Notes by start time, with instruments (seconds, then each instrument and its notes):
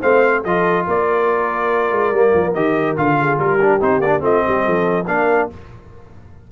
0.00 tuba A3, trombone C4, horn C5, trumpet F5
0.43 tuba F3, trombone F4, horn A4, trumpet D#5
0.87 tuba A#3, horn A#4, trumpet D5
1.91 tuba G#3
2.11 tuba G3, trombone A#3
2.34 tuba F3
2.54 tuba D#3, trombone G4, trumpet D#5
2.96 tuba D3, trombone F4, trumpet F5
3.20 horn G#4
3.38 tuba G3, horn G4, trumpet A#4
3.61 trombone D4
3.80 tuba C4, trombone D#4, trumpet C5
3.99 tuba A#3, trombone D4, trumpet D5
4.20 tuba A3, trombone C4, horn F4, trumpet D#5
4.45 tuba G3, horn G4
4.65 tuba F3, horn A4
5.07 tuba A#3, trombone D4, horn A#4, trumpet F5